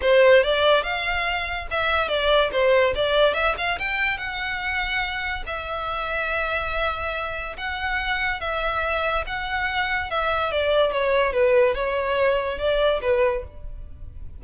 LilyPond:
\new Staff \with { instrumentName = "violin" } { \time 4/4 \tempo 4 = 143 c''4 d''4 f''2 | e''4 d''4 c''4 d''4 | e''8 f''8 g''4 fis''2~ | fis''4 e''2.~ |
e''2 fis''2 | e''2 fis''2 | e''4 d''4 cis''4 b'4 | cis''2 d''4 b'4 | }